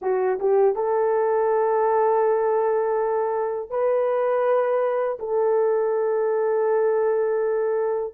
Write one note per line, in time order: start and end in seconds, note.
0.01 0.38 F#4
0.39 0.75 G4
0.75 3.70 A4
3.70 5.18 B4
5.19 8.14 A4